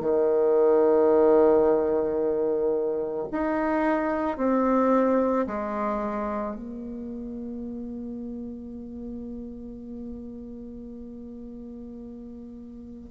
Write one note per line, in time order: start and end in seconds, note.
0.00 3.27 D#3
3.31 4.37 D#4
4.37 5.46 C4
5.46 6.55 G#3
6.55 13.10 A#3